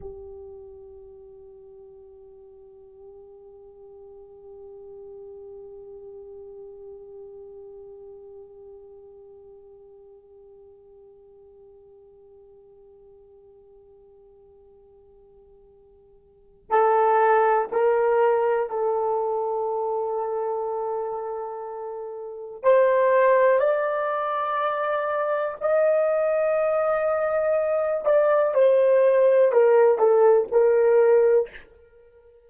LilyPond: \new Staff \with { instrumentName = "horn" } { \time 4/4 \tempo 4 = 61 g'1~ | g'1~ | g'1~ | g'1~ |
g'4 a'4 ais'4 a'4~ | a'2. c''4 | d''2 dis''2~ | dis''8 d''8 c''4 ais'8 a'8 ais'4 | }